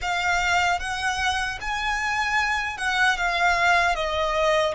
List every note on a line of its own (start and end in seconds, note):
0.01 0.79 F5
0.79 1.58 F#5
1.60 2.77 G#5
2.77 3.17 F#5
3.17 3.95 F5
3.95 4.74 D#5